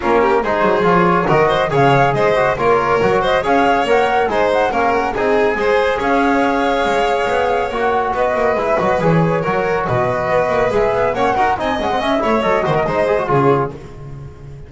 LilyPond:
<<
  \new Staff \with { instrumentName = "flute" } { \time 4/4 \tempo 4 = 140 ais'4 c''4 cis''4 dis''4 | f''4 dis''4 cis''4. dis''8 | f''4 fis''4 gis''8 fis''8 f''8 fis''8 | gis''2 f''2~ |
f''2 fis''4 dis''4 | e''8 dis''8 cis''2 dis''4~ | dis''4 e''4 fis''4 gis''8 fis''8 | e''4 dis''2 cis''4 | }
  \new Staff \with { instrumentName = "violin" } { \time 4/4 f'8 g'8 gis'2 ais'8 c''8 | cis''4 c''4 ais'4. c''8 | cis''2 c''4 ais'4 | gis'4 c''4 cis''2~ |
cis''2. b'4~ | b'2 ais'4 b'4~ | b'2 cis''8 ais'8 dis''4~ | dis''8 cis''4 c''16 ais'16 c''4 gis'4 | }
  \new Staff \with { instrumentName = "trombone" } { \time 4/4 cis'4 dis'4 f'4 fis'4 | gis'4. fis'8 f'4 fis'4 | gis'4 ais'4 dis'4 cis'4 | dis'4 gis'2.~ |
gis'2 fis'2 | e'8 fis'8 gis'4 fis'2~ | fis'4 gis'4 cis'8 fis'8 dis'8 cis'16 c'16 | cis'8 e'8 a'8 fis'8 dis'8 gis'16 fis'16 f'4 | }
  \new Staff \with { instrumentName = "double bass" } { \time 4/4 ais4 gis8 fis8 f4 dis4 | cis4 gis4 ais4 fis4 | cis'4 ais4 gis4 ais4 | c'4 gis4 cis'2 |
gis4 b4 ais4 b8 ais8 | gis8 fis8 e4 fis4 b,4 | b8 ais8 gis8 b8 ais8 dis'8 c'8 gis8 | cis'8 a8 fis8 dis8 gis4 cis4 | }
>>